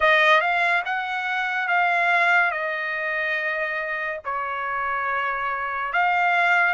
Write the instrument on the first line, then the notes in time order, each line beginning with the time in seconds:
trumpet
0.00 D#5
0.40 F5
0.85 F#5
1.68 F5
2.51 D#5
4.24 C#5
5.92 F5